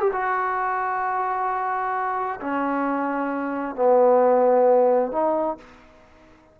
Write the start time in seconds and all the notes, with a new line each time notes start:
0.00 G4
0.13 F#4
2.41 C#4
3.76 B3
5.12 D#4